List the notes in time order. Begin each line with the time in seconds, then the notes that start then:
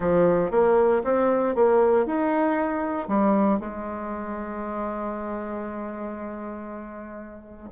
0.00 F3
0.51 A#3
1.04 C4
1.55 A#3
2.06 D#4
3.08 G3
3.59 G#3